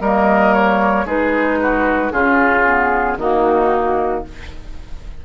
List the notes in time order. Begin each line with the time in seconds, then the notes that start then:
0.00 G3 A#3 A#4 D#5
0.54 C#5
1.05 G#3 D#4 G#4 B4
1.61 F#4
2.11 C#3 C#4 F4 G#4
2.65 B3
3.17 D#3 A#3 D#4 F#4